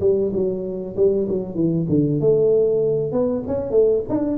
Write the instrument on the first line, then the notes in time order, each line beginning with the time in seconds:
tuba
0.00 G3
0.33 F#3
0.96 G3
1.28 F#3
1.54 E3
1.89 D3
2.20 A3
3.11 B3
3.47 C#4
3.70 A3
4.09 D4